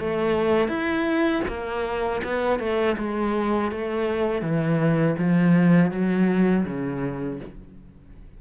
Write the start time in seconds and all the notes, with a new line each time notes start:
0.00 A3
0.68 E4
1.48 A#3
2.24 B3
2.60 A3
2.98 G#3
3.72 A3
4.42 E3
5.19 F3
5.91 F#3
6.66 C#3